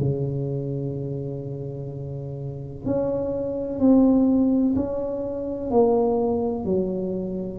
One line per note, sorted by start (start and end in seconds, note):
0.00 2.86 C#3
2.86 3.80 C#4
3.80 4.75 C4
4.76 5.71 C#4
5.71 6.65 A#3
6.65 7.59 F#3